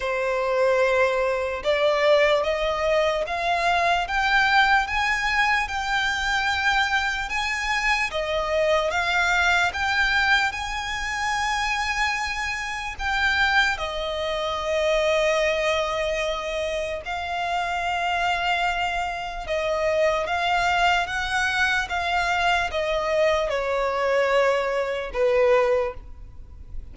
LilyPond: \new Staff \with { instrumentName = "violin" } { \time 4/4 \tempo 4 = 74 c''2 d''4 dis''4 | f''4 g''4 gis''4 g''4~ | g''4 gis''4 dis''4 f''4 | g''4 gis''2. |
g''4 dis''2.~ | dis''4 f''2. | dis''4 f''4 fis''4 f''4 | dis''4 cis''2 b'4 | }